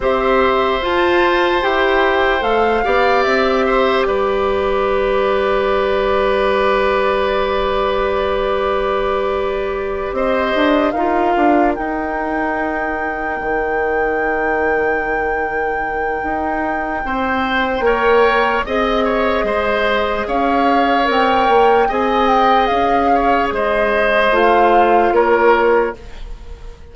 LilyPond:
<<
  \new Staff \with { instrumentName = "flute" } { \time 4/4 \tempo 4 = 74 e''4 a''4 g''4 f''4 | e''4 d''2.~ | d''1~ | d''8 dis''4 f''4 g''4.~ |
g''1~ | g''2. dis''4~ | dis''4 f''4 g''4 gis''8 g''8 | f''4 dis''4 f''4 cis''4 | }
  \new Staff \with { instrumentName = "oboe" } { \time 4/4 c''2.~ c''8 d''8~ | d''8 c''8 b'2.~ | b'1~ | b'8 c''4 ais'2~ ais'8~ |
ais'1~ | ais'4 c''4 cis''4 dis''8 cis''8 | c''4 cis''2 dis''4~ | dis''8 cis''8 c''2 ais'4 | }
  \new Staff \with { instrumentName = "clarinet" } { \time 4/4 g'4 f'4 g'4 a'8 g'8~ | g'1~ | g'1~ | g'4. f'4 dis'4.~ |
dis'1~ | dis'2 ais'4 gis'4~ | gis'2 ais'4 gis'4~ | gis'2 f'2 | }
  \new Staff \with { instrumentName = "bassoon" } { \time 4/4 c'4 f'4 e'4 a8 b8 | c'4 g2.~ | g1~ | g8 c'8 d'8 dis'8 d'8 dis'4.~ |
dis'8 dis2.~ dis8 | dis'4 c'4 ais4 c'4 | gis4 cis'4 c'8 ais8 c'4 | cis'4 gis4 a4 ais4 | }
>>